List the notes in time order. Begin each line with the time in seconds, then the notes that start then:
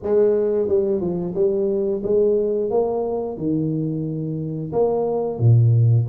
0.02 G#3
0.68 G3
1.00 F3
1.34 G3
2.03 G#3
2.70 A#3
3.37 D#3
4.72 A#3
5.39 A#2